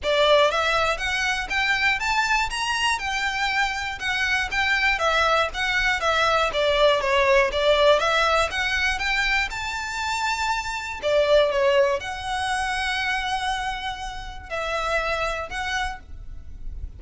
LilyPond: \new Staff \with { instrumentName = "violin" } { \time 4/4 \tempo 4 = 120 d''4 e''4 fis''4 g''4 | a''4 ais''4 g''2 | fis''4 g''4 e''4 fis''4 | e''4 d''4 cis''4 d''4 |
e''4 fis''4 g''4 a''4~ | a''2 d''4 cis''4 | fis''1~ | fis''4 e''2 fis''4 | }